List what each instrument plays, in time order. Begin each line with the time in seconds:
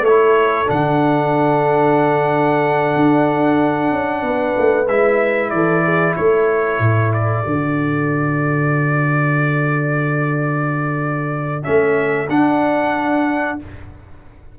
0.00 tuba A3, horn A4, trumpet C#5
0.07 trombone E4
0.66 tuba D3, trombone D4, trumpet F#5
2.96 tuba D4
3.91 tuba C#4
4.23 tuba B3, horn B4
4.58 tuba A3
4.88 tuba G#3, trombone E4, trumpet E5
5.50 tuba E3, horn A4, trumpet D5
5.85 horn G#4
6.16 tuba A3, horn A4, trumpet C#5
6.80 tuba A2
7.13 trumpet D5
7.46 tuba D3, trombone F#4
11.63 tuba A3, trombone C#4, trumpet E5
12.29 tuba D4, trombone D4, trumpet F#5